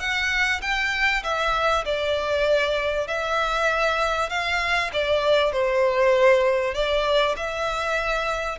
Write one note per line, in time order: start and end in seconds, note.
0.00 0.61 F#5
0.62 1.23 G5
1.24 1.85 E5
1.85 3.08 D5
3.08 4.30 E5
4.30 4.91 F5
4.93 5.52 D5
5.52 6.74 C5
6.74 7.36 D5
7.37 8.59 E5